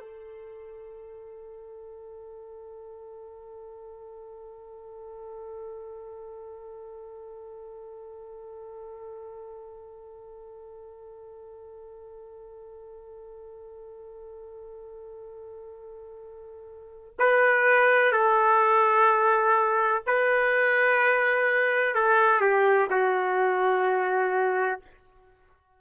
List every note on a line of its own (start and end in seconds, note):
0.00 17.14 A4
17.19 18.12 B4
18.12 20.03 A4
20.06 21.95 B4
21.95 22.41 A4
22.41 22.89 G4
22.90 24.81 F#4